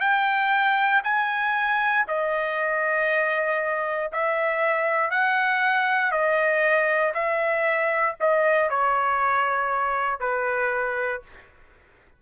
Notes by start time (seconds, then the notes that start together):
0.00 G5
1.04 G#5
2.08 D#5
4.12 E5
5.10 F#5
6.11 D#5
7.14 E5
8.20 D#5
8.69 C#5
10.20 B4